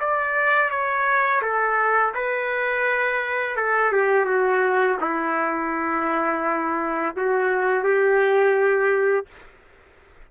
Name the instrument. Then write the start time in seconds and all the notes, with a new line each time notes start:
trumpet
0.00 D5
0.70 C#5
1.42 A4
2.14 B4
3.56 A4
3.92 G4
4.25 F#4
5.01 E4
7.16 F#4
7.83 G4